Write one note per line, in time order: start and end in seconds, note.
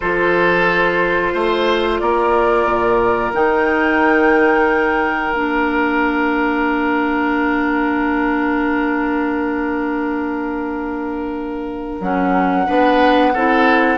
0.00 1.33 F3
0.00 3.33 F4
0.00 1.34 A4
0.00 1.98 C5
1.33 2.00 A3
1.33 2.00 C5
1.98 2.65 A#3
1.98 12.65 A#4
1.98 3.32 D5
2.65 3.32 A#2
3.33 5.33 D#3
3.33 5.33 D#4
3.33 5.34 G5
5.33 11.99 A#3
5.33 12.00 D4
5.33 12.00 F5
12.00 12.67 F#3
12.00 12.66 C#4
12.00 13.97 F#5
12.65 13.34 B3
12.65 13.33 D4
12.65 13.32 B4
13.33 13.97 C4
13.33 13.97 E4
13.33 13.97 A4